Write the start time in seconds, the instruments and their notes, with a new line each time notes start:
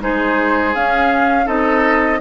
0.00 bassoon G#3, clarinet D#4, oboe G#4, flute C5
0.75 bassoon C#4, clarinet C#4, flute F5
1.46 bassoon C4, clarinet D#4, oboe A4, flute D#5